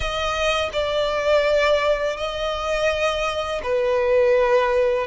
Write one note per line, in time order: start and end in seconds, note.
0.00 0.69 D#5
0.72 2.16 D5
2.16 3.61 D#5
3.63 5.06 B4